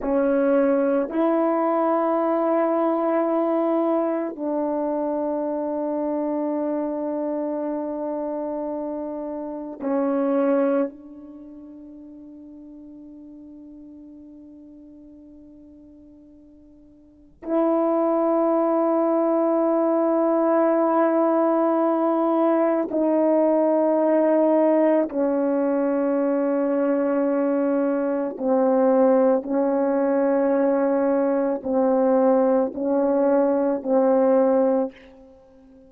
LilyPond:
\new Staff \with { instrumentName = "horn" } { \time 4/4 \tempo 4 = 55 cis'4 e'2. | d'1~ | d'4 cis'4 d'2~ | d'1 |
e'1~ | e'4 dis'2 cis'4~ | cis'2 c'4 cis'4~ | cis'4 c'4 cis'4 c'4 | }